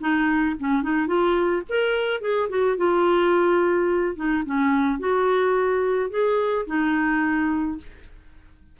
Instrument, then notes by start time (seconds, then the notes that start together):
clarinet
0.00 D#4
0.59 C#4
0.83 D#4
1.07 F4
1.69 A#4
2.21 G#4
2.49 F#4
2.77 F4
4.15 D#4
4.45 C#4
4.99 F#4
6.10 G#4
6.66 D#4